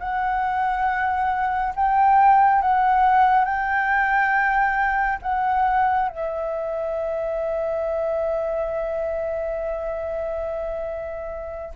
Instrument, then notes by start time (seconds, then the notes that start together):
flute
0.00 F#5
1.76 G5
2.62 F#5
3.45 G5
5.23 F#5
6.09 E5